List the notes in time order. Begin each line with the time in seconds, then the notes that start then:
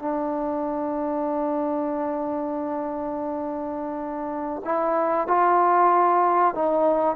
0.00 D4
4.65 E4
5.28 F4
6.55 D#4